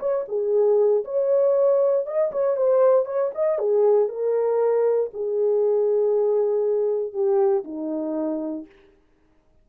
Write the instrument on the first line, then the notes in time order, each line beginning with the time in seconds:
horn
0.00 C#5
0.28 G#4
1.05 C#5
2.06 D#5
2.32 C#5
2.57 C5
3.06 C#5
3.35 D#5
3.59 G#4
4.09 A#4
5.14 G#4
7.13 G4
7.65 D#4